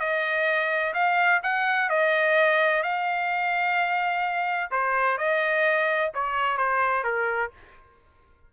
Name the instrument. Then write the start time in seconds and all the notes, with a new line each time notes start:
trumpet
0.00 D#5
0.94 F5
1.43 F#5
1.89 D#5
2.83 F5
4.71 C5
5.18 D#5
6.14 C#5
6.58 C5
7.04 A#4